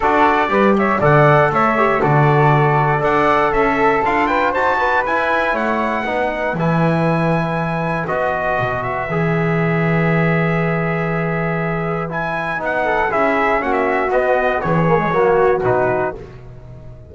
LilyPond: <<
  \new Staff \with { instrumentName = "trumpet" } { \time 4/4 \tempo 4 = 119 d''4. e''8 fis''4 e''4 | d''2 fis''4 e''4 | f''8 g''8 a''4 gis''4 fis''4~ | fis''4 gis''2. |
dis''4. e''2~ e''8~ | e''1 | gis''4 fis''4 e''4 fis''16 e''8. | dis''4 cis''2 b'4 | }
  \new Staff \with { instrumentName = "flute" } { \time 4/4 a'4 b'8 cis''8 d''4 cis''4 | a'2 d''4 a'4~ | a'8 b'8 c''8 b'4. cis''4 | b'1~ |
b'1~ | b'1~ | b'4. a'8 gis'4 fis'4~ | fis'4 gis'4 fis'2 | }
  \new Staff \with { instrumentName = "trombone" } { \time 4/4 fis'4 g'4 a'4. g'8 | fis'2 a'2 | f'4 fis'4 e'2 | dis'4 e'2. |
fis'2 gis'2~ | gis'1 | e'4 dis'4 e'4 cis'4 | b4. ais16 gis16 ais4 dis'4 | }
  \new Staff \with { instrumentName = "double bass" } { \time 4/4 d'4 g4 d4 a4 | d2 d'4 cis'4 | d'4 dis'4 e'4 a4 | b4 e2. |
b4 b,4 e2~ | e1~ | e4 b4 cis'4 ais4 | b4 e4 fis4 b,4 | }
>>